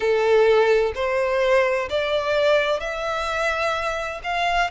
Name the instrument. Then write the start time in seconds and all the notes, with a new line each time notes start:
violin
0.00 A4
0.95 C5
1.89 D5
2.80 E5
4.23 F5